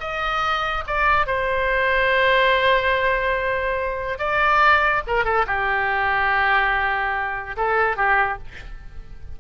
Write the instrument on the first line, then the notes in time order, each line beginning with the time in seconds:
oboe
0.00 D#5
0.87 D5
1.27 C5
4.19 D5
5.07 A#4
5.25 A4
5.46 G4
7.56 A4
7.96 G4